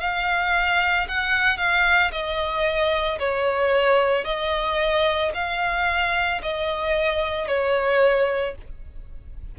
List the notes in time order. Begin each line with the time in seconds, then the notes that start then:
0.00 F5
1.08 F#5
1.57 F5
2.11 D#5
3.19 C#5
4.24 D#5
5.34 F5
6.42 D#5
7.48 C#5